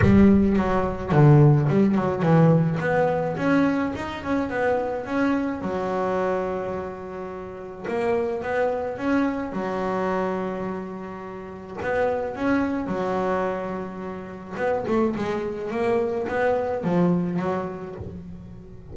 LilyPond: \new Staff \with { instrumentName = "double bass" } { \time 4/4 \tempo 4 = 107 g4 fis4 d4 g8 fis8 | e4 b4 cis'4 dis'8 cis'8 | b4 cis'4 fis2~ | fis2 ais4 b4 |
cis'4 fis2.~ | fis4 b4 cis'4 fis4~ | fis2 b8 a8 gis4 | ais4 b4 f4 fis4 | }